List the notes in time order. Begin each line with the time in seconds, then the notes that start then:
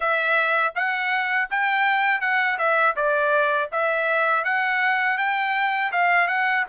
0.00 E5
0.75 F#5
1.50 G5
2.21 F#5
2.58 E5
2.96 D5
3.72 E5
4.44 F#5
5.17 G5
5.92 F5
6.27 F#5